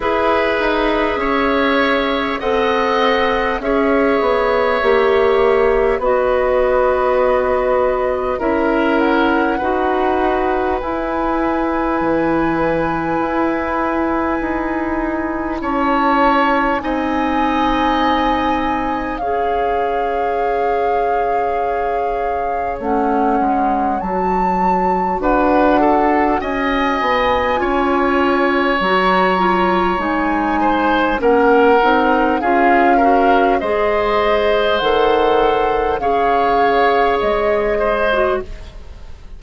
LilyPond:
<<
  \new Staff \with { instrumentName = "flute" } { \time 4/4 \tempo 4 = 50 e''2 fis''4 e''4~ | e''4 dis''2 e''8 fis''8~ | fis''4 gis''2.~ | gis''4 a''4 gis''2 |
f''2. fis''4 | a''4 fis''4 gis''2 | ais''4 gis''4 fis''4 f''4 | dis''4 fis''4 f''4 dis''4 | }
  \new Staff \with { instrumentName = "oboe" } { \time 4/4 b'4 cis''4 dis''4 cis''4~ | cis''4 b'2 ais'4 | b'1~ | b'4 cis''4 dis''2 |
cis''1~ | cis''4 b'8 a'8 dis''4 cis''4~ | cis''4. c''8 ais'4 gis'8 ais'8 | c''2 cis''4. c''8 | }
  \new Staff \with { instrumentName = "clarinet" } { \time 4/4 gis'2 a'4 gis'4 | g'4 fis'2 e'4 | fis'4 e'2.~ | e'2 dis'2 |
gis'2. cis'4 | fis'2. f'4 | fis'8 f'8 dis'4 cis'8 dis'8 f'8 fis'8 | gis'4 a'4 gis'4.~ gis'16 fis'16 | }
  \new Staff \with { instrumentName = "bassoon" } { \time 4/4 e'8 dis'8 cis'4 c'4 cis'8 b8 | ais4 b2 cis'4 | dis'4 e'4 e4 e'4 | dis'4 cis'4 c'2 |
cis'2. a8 gis8 | fis4 d'4 cis'8 b8 cis'4 | fis4 gis4 ais8 c'8 cis'4 | gis4 dis4 cis4 gis4 | }
>>